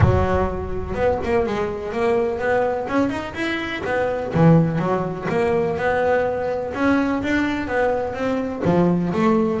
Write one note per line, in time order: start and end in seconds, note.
0.00 0.94 F#3
0.94 1.18 B3
1.23 1.46 A#3
1.46 1.92 G#3
1.92 2.39 A#3
2.39 2.87 B3
2.88 3.09 C#4
3.09 3.33 D#4
3.34 3.82 E4
3.84 4.32 B3
4.34 4.78 E3
4.78 5.26 F#3
5.29 5.77 A#3
5.77 6.73 B3
6.74 7.22 C#4
7.22 7.67 D4
7.67 8.14 B3
8.14 8.62 C4
8.64 9.12 F3
9.13 9.60 A3